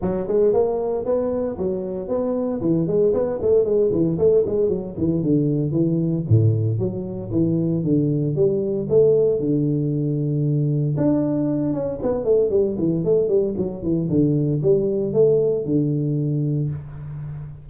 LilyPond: \new Staff \with { instrumentName = "tuba" } { \time 4/4 \tempo 4 = 115 fis8 gis8 ais4 b4 fis4 | b4 e8 gis8 b8 a8 gis8 e8 | a8 gis8 fis8 e8 d4 e4 | a,4 fis4 e4 d4 |
g4 a4 d2~ | d4 d'4. cis'8 b8 a8 | g8 e8 a8 g8 fis8 e8 d4 | g4 a4 d2 | }